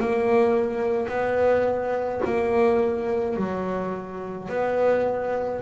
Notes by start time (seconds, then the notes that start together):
0.00 A#3
1.09 B3
2.25 A#3
3.37 F#3
4.49 B3